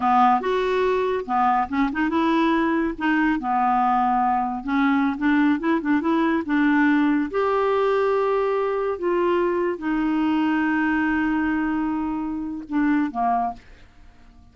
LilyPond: \new Staff \with { instrumentName = "clarinet" } { \time 4/4 \tempo 4 = 142 b4 fis'2 b4 | cis'8 dis'8 e'2 dis'4 | b2. cis'4~ | cis'16 d'4 e'8 d'8 e'4 d'8.~ |
d'4~ d'16 g'2~ g'8.~ | g'4~ g'16 f'2 dis'8.~ | dis'1~ | dis'2 d'4 ais4 | }